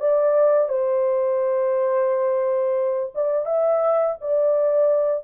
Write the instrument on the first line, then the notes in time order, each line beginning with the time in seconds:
horn
0.00 D5
0.69 C5
3.15 D5
3.46 E5
4.21 D5